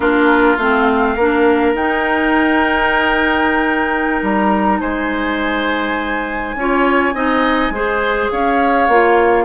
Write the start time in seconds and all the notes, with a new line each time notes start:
0.00 A#3 D4 F4 A#4
0.56 A3 C4 F5
1.15 A#3 D4 A#4
1.74 D#4 G5
4.22 G3 A#5
4.80 G#3 C5 G#5
6.55 C#4 F4 C#5
7.13 C4 D#4 D#5
7.70 G#3 G#4 C5
8.30 C#4 C#5 F5
8.87 A#3 F4